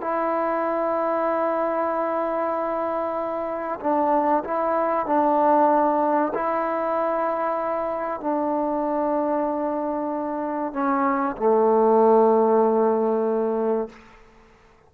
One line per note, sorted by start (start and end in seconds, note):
0.00 3.79 E4
3.80 4.43 D4
4.44 5.06 E4
5.06 6.32 D4
6.34 8.20 E4
8.20 10.73 D4
10.73 11.36 C#4
11.36 13.89 A3